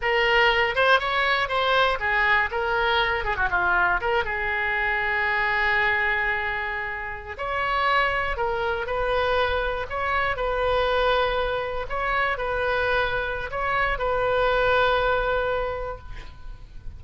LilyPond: \new Staff \with { instrumentName = "oboe" } { \time 4/4 \tempo 4 = 120 ais'4. c''8 cis''4 c''4 | gis'4 ais'4. gis'16 fis'16 f'4 | ais'8 gis'2.~ gis'8~ | gis'2~ gis'8. cis''4~ cis''16~ |
cis''8. ais'4 b'2 cis''16~ | cis''8. b'2. cis''16~ | cis''8. b'2~ b'16 cis''4 | b'1 | }